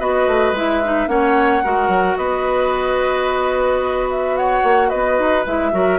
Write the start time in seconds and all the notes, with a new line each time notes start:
0.00 B3 F#4 B4 D#5
0.28 A3
0.52 G#3 E4 E5
0.84 D#4
1.08 A#3 C#4 C#5 F#5
1.64 G#3 F#4 A#4
1.88 F#3
2.17 B3 B4 D#5
4.11 E5
4.37 C#5 F#5
4.64 A#3
4.89 B3 B4 D#5
5.19 D#4
5.47 G#3 E4 E5
5.72 F#3 F#4 A#4